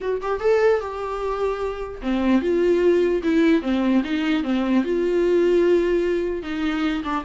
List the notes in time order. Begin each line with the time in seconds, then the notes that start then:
0.01 F#4
0.21 G4
0.40 A4
0.80 G4
2.02 C4
2.41 F4
3.23 E4
3.62 C4
4.04 D#4
4.43 C4
4.83 F4
6.42 D#4
7.04 D4